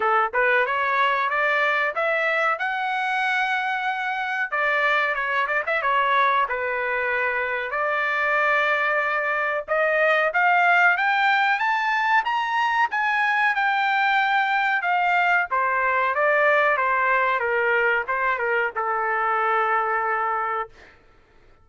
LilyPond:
\new Staff \with { instrumentName = "trumpet" } { \time 4/4 \tempo 4 = 93 a'8 b'8 cis''4 d''4 e''4 | fis''2. d''4 | cis''8 d''16 e''16 cis''4 b'2 | d''2. dis''4 |
f''4 g''4 a''4 ais''4 | gis''4 g''2 f''4 | c''4 d''4 c''4 ais'4 | c''8 ais'8 a'2. | }